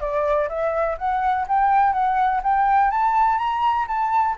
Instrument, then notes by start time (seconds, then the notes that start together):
flute
0.00 D5
0.49 E5
0.98 F#5
1.48 G5
1.93 F#5
2.43 G5
2.91 A5
3.38 A#5
3.88 A5